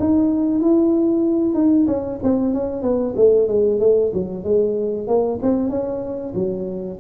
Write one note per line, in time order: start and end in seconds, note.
0.00 0.61 D#4
0.61 1.55 E4
1.55 1.87 D#4
1.87 2.19 C#4
2.23 2.54 C4
2.54 2.83 C#4
2.83 3.15 B3
3.16 3.48 A3
3.48 3.80 G#3
3.80 4.12 A3
4.14 4.44 F#3
4.44 5.08 G#3
5.08 5.40 A#3
5.42 5.70 C4
5.70 6.34 C#4
6.35 6.99 F#3